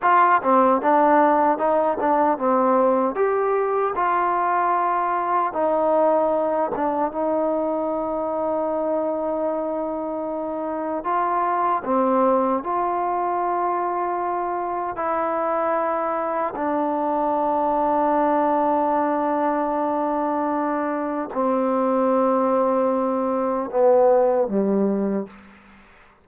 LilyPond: \new Staff \with { instrumentName = "trombone" } { \time 4/4 \tempo 4 = 76 f'8 c'8 d'4 dis'8 d'8 c'4 | g'4 f'2 dis'4~ | dis'8 d'8 dis'2.~ | dis'2 f'4 c'4 |
f'2. e'4~ | e'4 d'2.~ | d'2. c'4~ | c'2 b4 g4 | }